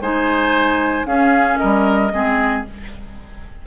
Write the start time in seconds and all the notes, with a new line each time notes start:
0.00 G#3 D#4 C5 G#5
1.05 C#4 G#4 F5
1.56 A#4 D#5
1.63 G3
2.12 G#3 C4 G#4